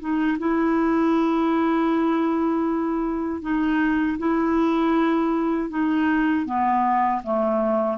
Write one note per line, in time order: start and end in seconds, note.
0.00 0.38 D#4
0.39 3.42 E4
3.42 4.18 D#4
4.19 5.70 E4
5.70 6.46 D#4
6.46 7.22 B3
7.24 7.98 A3